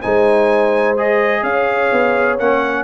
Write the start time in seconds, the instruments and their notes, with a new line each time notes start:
0.00 tuba G#3, trombone D#4, horn C5, trumpet G#5
0.97 trombone G#4, trumpet D#5
1.42 tuba C#4, horn C#5, trumpet F5
1.92 tuba B3
2.38 tuba A#3, trombone C#4, trumpet F#5